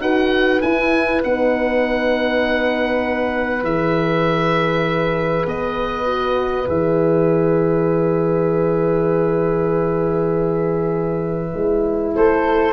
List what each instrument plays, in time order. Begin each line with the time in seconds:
0.00 tuba D#4, horn F#4, flute B4, oboe F#5
0.61 horn E4, tuba E4, oboe G#5
1.23 tuba B3, horn D#4, oboe F#5
3.63 tuba E3, horn G#4, oboe E5
5.46 tuba B3, oboe D#5
6.05 horn F#4
6.67 tuba E3, horn G#4, oboe E5
11.53 tuba G#3, horn E4
12.15 tuba A3, flute A4, oboe C5